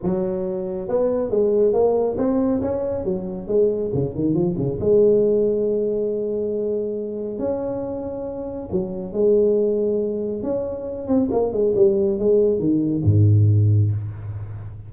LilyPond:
\new Staff \with { instrumentName = "tuba" } { \time 4/4 \tempo 4 = 138 fis2 b4 gis4 | ais4 c'4 cis'4 fis4 | gis4 cis8 dis8 f8 cis8 gis4~ | gis1~ |
gis4 cis'2. | fis4 gis2. | cis'4. c'8 ais8 gis8 g4 | gis4 dis4 gis,2 | }